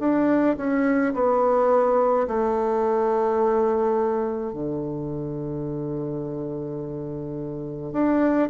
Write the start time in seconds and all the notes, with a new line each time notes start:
0.00 D4
0.57 C#4
1.14 B3
2.27 A3
4.53 D3
7.93 D4